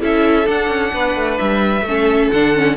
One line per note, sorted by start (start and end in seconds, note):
0.00 0.48 C#4
0.00 0.45 E4
0.00 0.92 A4
0.00 0.48 E5
0.45 1.83 D4
0.45 0.68 D4
0.45 1.38 F#5
0.68 0.91 C#4
0.93 1.15 B3
0.93 1.86 B4
1.15 1.38 A3
1.38 1.81 G3
1.38 2.30 E5
1.81 2.27 A3
1.88 2.34 C#4
1.88 2.76 A4
2.30 2.76 D3
2.30 2.54 D4
2.30 2.76 F#5
2.54 2.76 C#4